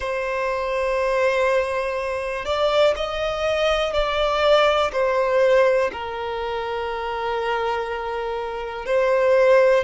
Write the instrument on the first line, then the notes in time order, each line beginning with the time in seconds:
violin
0.00 C5
2.45 D5
2.96 D#5
3.93 D5
4.92 C5
5.92 A#4
8.85 C5